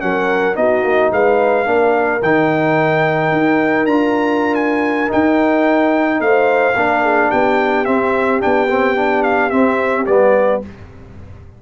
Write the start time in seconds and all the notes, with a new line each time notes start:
0.00 F#3 C#4 A#4 F#5
0.55 B3 D#4 F#4 D#5
0.83 A#3
1.11 G#3 B4 F5
1.65 A#3 D4 A#4
2.22 D#3 D#4 G5
3.32 D#4
3.86 D4 F4 A#5
4.55 G#5
5.08 D#4 G5
6.20 A3 C5 F5
6.76 A#3 D4 A#4
7.03 G#4
7.29 B3 G4 G5
7.85 C4 E5
8.40 B3 D4 G5
8.69 C4
8.96 D4
9.23 F5
9.50 C4 E5
10.06 G3 B3 D5